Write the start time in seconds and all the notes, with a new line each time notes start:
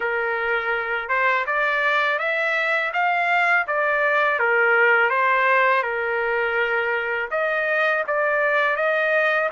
0.00 A#4
1.08 C5
1.46 D5
2.18 E5
2.93 F5
3.67 D5
4.39 A#4
5.10 C5
5.82 A#4
7.30 D#5
8.07 D5
8.76 D#5